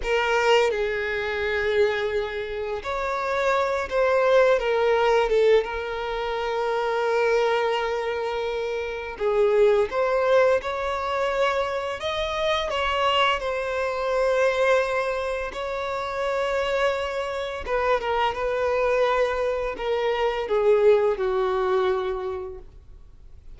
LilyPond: \new Staff \with { instrumentName = "violin" } { \time 4/4 \tempo 4 = 85 ais'4 gis'2. | cis''4. c''4 ais'4 a'8 | ais'1~ | ais'4 gis'4 c''4 cis''4~ |
cis''4 dis''4 cis''4 c''4~ | c''2 cis''2~ | cis''4 b'8 ais'8 b'2 | ais'4 gis'4 fis'2 | }